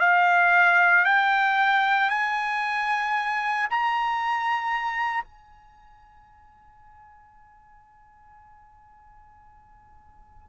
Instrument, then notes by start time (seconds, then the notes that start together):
trumpet
0.00 F5
1.05 G5
2.10 G#5
3.70 A#5
5.24 G#5